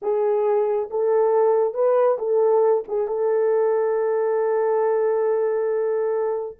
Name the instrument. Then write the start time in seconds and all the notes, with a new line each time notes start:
horn
0.02 G#4
0.90 A4
1.73 B4
2.18 A4
2.87 G#4
3.07 A4